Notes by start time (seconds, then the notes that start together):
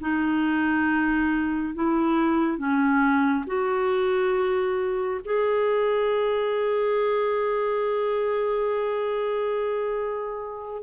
0.00 D#4
1.74 E4
2.57 C#4
3.46 F#4
5.24 G#4